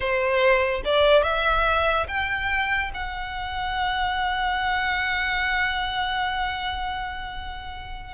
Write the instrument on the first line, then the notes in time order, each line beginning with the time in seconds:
violin
0.00 C5
0.84 D5
1.23 E5
2.08 G5
2.93 F#5